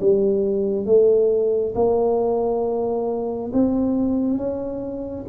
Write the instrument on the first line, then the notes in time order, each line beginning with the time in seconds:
tuba
0.00 G3
0.86 A3
1.75 A#3
3.53 C4
4.37 C#4